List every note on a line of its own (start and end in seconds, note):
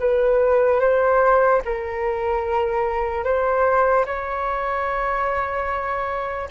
0.00 0.80 B4
0.80 1.61 C5
1.65 3.24 A#4
3.24 4.05 C5
4.06 6.49 C#5